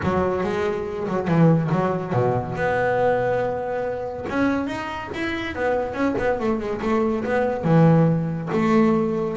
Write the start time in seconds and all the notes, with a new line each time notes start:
0.03 F#3
0.43 G#3
1.07 F#3
1.27 E3
1.71 F#3
2.13 B2
2.55 B3
4.29 C#4
4.67 D#4
5.14 E4
5.55 B3
5.93 C#4
6.18 B3
6.39 A3
6.59 G#3
6.81 A3
7.24 B3
7.64 E3
8.52 A3